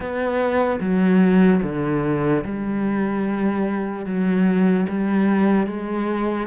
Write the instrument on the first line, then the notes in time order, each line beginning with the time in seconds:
cello
0.00 B3
0.80 F#3
1.62 D3
2.44 G3
4.05 F#3
4.89 G3
5.66 G#3